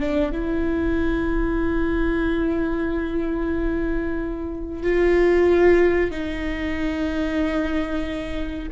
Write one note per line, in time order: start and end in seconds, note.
0.00 0.32 D4
0.32 4.83 E4
4.83 6.11 F4
6.11 8.69 D#4